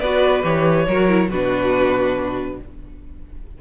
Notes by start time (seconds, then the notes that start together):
0.00 B3 F#4 B4 D5
0.43 E3 G4 C#5
0.88 F#3 F#4 A#4
1.09 E4
1.30 B2 D4 F#4 B4